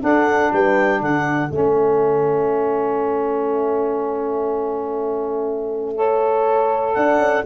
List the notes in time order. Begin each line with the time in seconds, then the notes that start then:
0.00 D4 A4 F#5
0.53 G3 B4 G5
1.01 D3 A4 F#5
1.50 A3 C#4 E5
5.96 A4 C#5
6.94 D4 D5 F#5
7.18 C#4